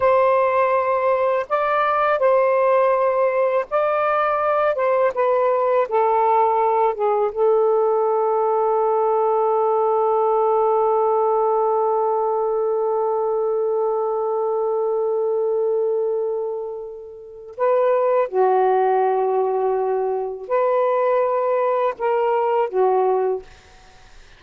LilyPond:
\new Staff \with { instrumentName = "saxophone" } { \time 4/4 \tempo 4 = 82 c''2 d''4 c''4~ | c''4 d''4. c''8 b'4 | a'4. gis'8 a'2~ | a'1~ |
a'1~ | a'1 | b'4 fis'2. | b'2 ais'4 fis'4 | }